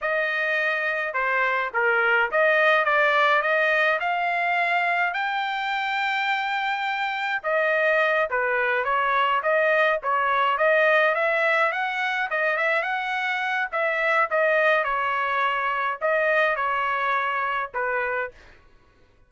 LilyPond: \new Staff \with { instrumentName = "trumpet" } { \time 4/4 \tempo 4 = 105 dis''2 c''4 ais'4 | dis''4 d''4 dis''4 f''4~ | f''4 g''2.~ | g''4 dis''4. b'4 cis''8~ |
cis''8 dis''4 cis''4 dis''4 e''8~ | e''8 fis''4 dis''8 e''8 fis''4. | e''4 dis''4 cis''2 | dis''4 cis''2 b'4 | }